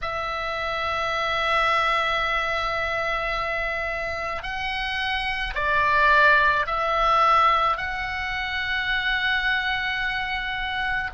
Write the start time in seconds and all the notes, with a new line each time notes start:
0.02 E5
4.42 F#5
5.55 D5
6.66 E5
7.77 F#5